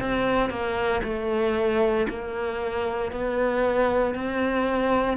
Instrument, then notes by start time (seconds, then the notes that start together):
cello
0.00 C4
0.50 A#3
1.03 A3
2.09 A#3
3.12 B3
4.15 C4